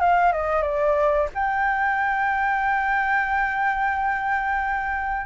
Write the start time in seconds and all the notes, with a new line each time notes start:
0.00 F5
0.32 D#5
0.62 D5
1.34 G5